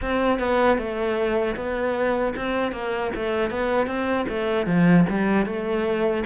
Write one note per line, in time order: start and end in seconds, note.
0.01 0.39 C4
0.39 0.78 B3
0.78 1.55 A3
1.55 2.33 B3
2.36 2.72 C4
2.72 3.11 A#3
3.15 3.50 A3
3.50 3.86 B3
3.86 4.25 C4
4.29 4.66 A3
4.66 5.05 F3
5.09 5.45 G3
5.45 6.23 A3